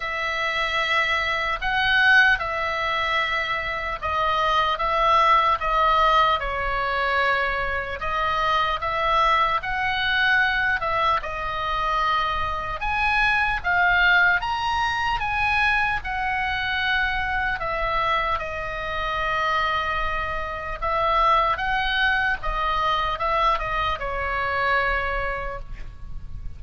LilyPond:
\new Staff \with { instrumentName = "oboe" } { \time 4/4 \tempo 4 = 75 e''2 fis''4 e''4~ | e''4 dis''4 e''4 dis''4 | cis''2 dis''4 e''4 | fis''4. e''8 dis''2 |
gis''4 f''4 ais''4 gis''4 | fis''2 e''4 dis''4~ | dis''2 e''4 fis''4 | dis''4 e''8 dis''8 cis''2 | }